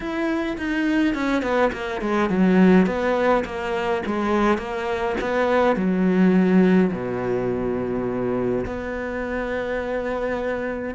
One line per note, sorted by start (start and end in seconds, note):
0.00 0.56 E4
0.57 1.14 D#4
1.14 1.42 C#4
1.42 1.71 B3
1.72 2.01 A#3
2.01 2.29 G#3
2.29 2.86 F#3
2.86 3.44 B3
3.44 4.02 A#3
4.05 4.58 G#3
4.58 5.15 A#3
5.21 5.76 B3
5.76 6.91 F#3
6.92 8.65 B2
8.65 10.95 B3